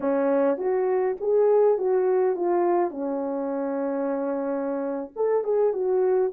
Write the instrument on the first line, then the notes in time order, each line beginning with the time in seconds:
horn
0.00 C#4
0.57 F#4
1.20 G#4
1.78 F#4
2.36 F4
2.90 C#4
5.16 A4
5.44 G#4
5.73 F#4